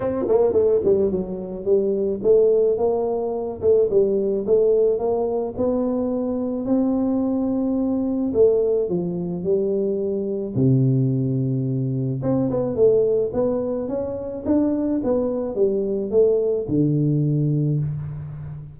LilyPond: \new Staff \with { instrumentName = "tuba" } { \time 4/4 \tempo 4 = 108 c'8 ais8 a8 g8 fis4 g4 | a4 ais4. a8 g4 | a4 ais4 b2 | c'2. a4 |
f4 g2 c4~ | c2 c'8 b8 a4 | b4 cis'4 d'4 b4 | g4 a4 d2 | }